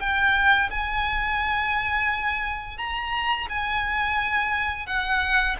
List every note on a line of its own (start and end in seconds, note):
0.00 0.70 G5
0.71 2.78 G#5
2.78 3.48 A#5
3.49 4.87 G#5
4.87 5.57 F#5